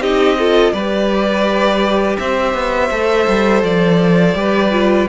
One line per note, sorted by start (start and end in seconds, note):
0.00 0.72 C4
0.00 0.38 D#4
0.00 0.37 G4
0.00 0.72 D#5
0.38 0.75 F4
0.38 0.73 A4
0.72 2.17 G3
0.72 2.18 B4
0.72 2.17 D5
0.78 2.92 G4
2.18 2.54 C4
2.18 4.37 C5
2.18 3.63 E5
2.54 2.90 B3
2.91 3.27 A3
2.91 4.35 A4
3.28 3.63 G3
3.63 4.34 F3
3.63 5.08 D5
4.34 5.07 G3
4.34 4.71 G4
4.34 5.08 B4
4.71 5.07 F4